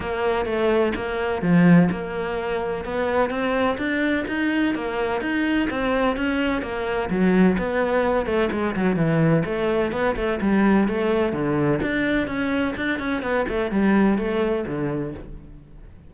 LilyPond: \new Staff \with { instrumentName = "cello" } { \time 4/4 \tempo 4 = 127 ais4 a4 ais4 f4 | ais2 b4 c'4 | d'4 dis'4 ais4 dis'4 | c'4 cis'4 ais4 fis4 |
b4. a8 gis8 fis8 e4 | a4 b8 a8 g4 a4 | d4 d'4 cis'4 d'8 cis'8 | b8 a8 g4 a4 d4 | }